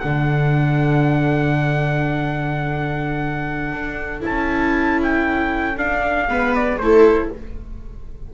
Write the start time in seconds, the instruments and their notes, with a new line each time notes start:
0.00 double bass D3, viola D4 A4, trumpet F#5
3.72 double bass D4
4.21 double bass C#4, viola E4, trumpet A5
5.03 trumpet G5
5.77 viola D4, double bass D4, trumpet F5
6.29 double bass G#3, viola B3 B4
6.55 trumpet D5
6.78 double bass A3, viola E4 A4, trumpet C5